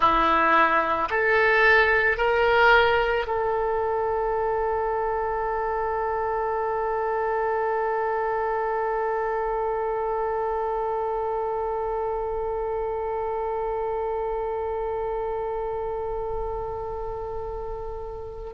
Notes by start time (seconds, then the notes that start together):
0.00 E4
1.10 A4
2.17 A#4
3.27 A4